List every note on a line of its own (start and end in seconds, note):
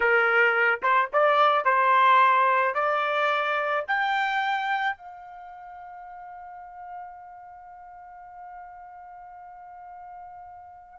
0.00 0.80 A#4
0.82 1.10 C5
1.12 1.64 D5
1.64 2.74 C5
2.74 3.84 D5
3.87 4.97 G5
4.97 10.99 F5